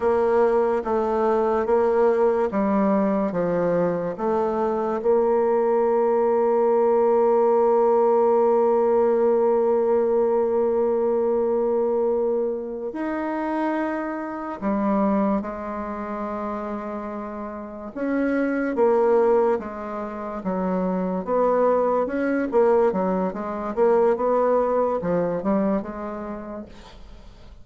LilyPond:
\new Staff \with { instrumentName = "bassoon" } { \time 4/4 \tempo 4 = 72 ais4 a4 ais4 g4 | f4 a4 ais2~ | ais1~ | ais2.~ ais8 dis'8~ |
dis'4. g4 gis4.~ | gis4. cis'4 ais4 gis8~ | gis8 fis4 b4 cis'8 ais8 fis8 | gis8 ais8 b4 f8 g8 gis4 | }